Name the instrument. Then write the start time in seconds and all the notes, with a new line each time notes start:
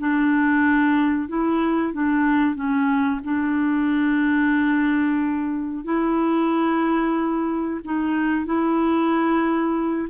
clarinet
0.00 D4
1.29 E4
1.94 D4
2.56 C#4
3.25 D4
5.85 E4
7.85 D#4
8.46 E4